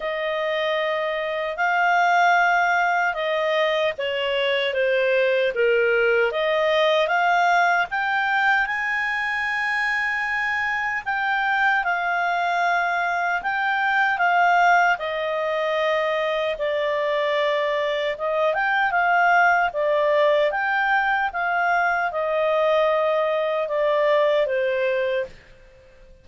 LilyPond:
\new Staff \with { instrumentName = "clarinet" } { \time 4/4 \tempo 4 = 76 dis''2 f''2 | dis''4 cis''4 c''4 ais'4 | dis''4 f''4 g''4 gis''4~ | gis''2 g''4 f''4~ |
f''4 g''4 f''4 dis''4~ | dis''4 d''2 dis''8 g''8 | f''4 d''4 g''4 f''4 | dis''2 d''4 c''4 | }